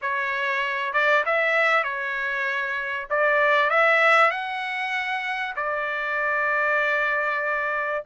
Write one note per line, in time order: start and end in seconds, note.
0.01 0.93 C#5
0.93 1.24 D5
1.25 1.83 E5
1.83 3.07 C#5
3.09 3.70 D5
3.70 4.30 E5
4.30 5.54 F#5
5.56 8.03 D5